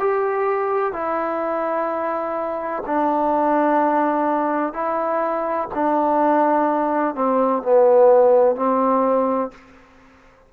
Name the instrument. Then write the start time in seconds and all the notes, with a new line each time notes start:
trombone
0.00 G4
0.93 E4
2.87 D4
4.74 E4
5.75 D4
7.15 C4
7.63 B3
8.56 C4